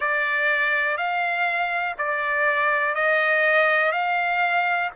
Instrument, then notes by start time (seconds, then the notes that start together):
trumpet
0.00 D5
0.97 F5
1.98 D5
2.95 D#5
3.92 F5